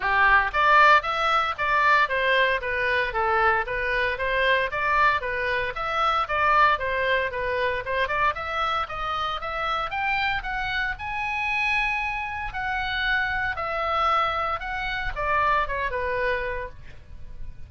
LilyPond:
\new Staff \with { instrumentName = "oboe" } { \time 4/4 \tempo 4 = 115 g'4 d''4 e''4 d''4 | c''4 b'4 a'4 b'4 | c''4 d''4 b'4 e''4 | d''4 c''4 b'4 c''8 d''8 |
e''4 dis''4 e''4 g''4 | fis''4 gis''2. | fis''2 e''2 | fis''4 d''4 cis''8 b'4. | }